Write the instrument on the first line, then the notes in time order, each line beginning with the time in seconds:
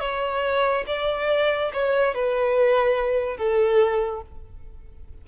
violin
0.00 C#5
0.87 D5
1.74 C#5
2.15 B4
3.37 A4